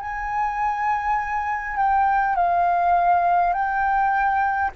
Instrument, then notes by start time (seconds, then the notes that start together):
flute
0.00 G#5
1.76 G5
2.35 F5
3.53 G5